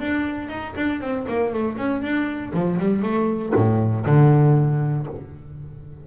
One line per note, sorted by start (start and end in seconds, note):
0.00 0.49 D4
0.49 0.74 D#4
0.76 1.01 D4
1.01 1.26 C4
1.28 1.53 A#3
1.54 1.77 A3
1.77 2.02 C#4
2.02 2.53 D4
2.53 2.78 F3
2.80 3.03 G3
3.03 3.53 A3
3.55 4.06 A2
4.06 5.07 D3